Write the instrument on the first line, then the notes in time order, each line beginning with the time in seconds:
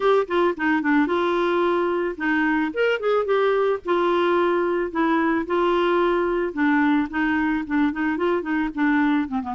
clarinet
0.00 G4
0.27 F4
0.56 D#4
0.82 D4
1.06 F4
2.17 D#4
2.73 A#4
3.00 G#4
3.25 G4
3.85 F4
4.91 E4
5.46 F4
6.53 D4
7.10 D#4
7.66 D4
7.92 D#4
8.17 F4
8.41 D#4
8.74 D4
9.28 C4
9.42 B3